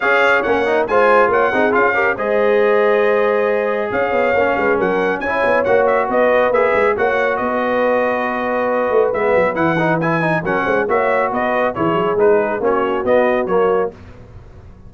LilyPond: <<
  \new Staff \with { instrumentName = "trumpet" } { \time 4/4 \tempo 4 = 138 f''4 fis''4 gis''4 fis''4 | f''4 dis''2.~ | dis''4 f''2 fis''4 | gis''4 fis''8 e''8 dis''4 e''4 |
fis''4 dis''2.~ | dis''4 e''4 fis''4 gis''4 | fis''4 e''4 dis''4 cis''4 | b'4 cis''4 dis''4 cis''4 | }
  \new Staff \with { instrumentName = "horn" } { \time 4/4 cis''2 c''4 cis''8 gis'8~ | gis'8 ais'8 c''2.~ | c''4 cis''4. b'8 ais'4 | cis''2 b'2 |
cis''4 b'2.~ | b'1 | ais'8 c''8 cis''4 b'4 gis'4~ | gis'4 fis'2. | }
  \new Staff \with { instrumentName = "trombone" } { \time 4/4 gis'4 cis'8 dis'8 f'4. dis'8 | f'8 g'8 gis'2.~ | gis'2 cis'2 | e'4 fis'2 gis'4 |
fis'1~ | fis'4 b4 e'8 dis'8 e'8 dis'8 | cis'4 fis'2 e'4 | dis'4 cis'4 b4 ais4 | }
  \new Staff \with { instrumentName = "tuba" } { \time 4/4 cis'4 ais4 gis4 ais8 c'8 | cis'4 gis2.~ | gis4 cis'8 b8 ais8 gis8 fis4 | cis'8 b8 ais4 b4 ais8 gis8 |
ais4 b2.~ | b8 a8 gis8 fis8 e2 | fis8 gis8 ais4 b4 e8 fis8 | gis4 ais4 b4 fis4 | }
>>